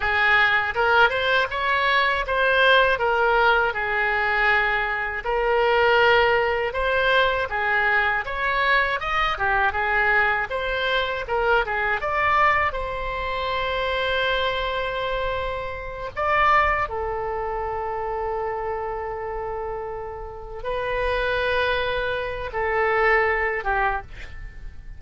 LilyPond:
\new Staff \with { instrumentName = "oboe" } { \time 4/4 \tempo 4 = 80 gis'4 ais'8 c''8 cis''4 c''4 | ais'4 gis'2 ais'4~ | ais'4 c''4 gis'4 cis''4 | dis''8 g'8 gis'4 c''4 ais'8 gis'8 |
d''4 c''2.~ | c''4. d''4 a'4.~ | a'2.~ a'8 b'8~ | b'2 a'4. g'8 | }